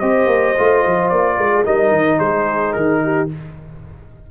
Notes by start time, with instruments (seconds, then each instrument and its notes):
0.00 tuba C4, trombone G4, horn C5, trumpet D#5
0.26 tuba A#3
0.57 tuba A3, trombone F4
0.86 tuba F3
1.09 tuba A#3, trumpet D5
1.36 tuba G#3, horn A#4
1.54 horn G#4
1.64 tuba G3, trombone D#4, horn A#4, trumpet D#5
1.91 tuba D#3
2.18 tuba G#3, horn G#4, trumpet C5
2.73 tuba D#3, trumpet A#4
3.03 horn G4